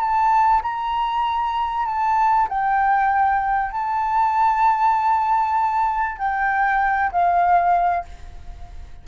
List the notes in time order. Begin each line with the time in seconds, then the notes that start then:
0.00 A5
0.62 A#5
1.86 A5
2.48 G5
3.71 A5
6.18 G5
7.12 F5